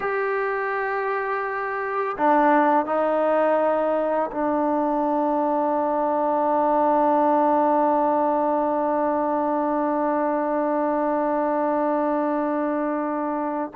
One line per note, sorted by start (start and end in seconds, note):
0.00 2.16 G4
2.17 2.85 D4
2.85 4.30 D#4
4.31 13.71 D4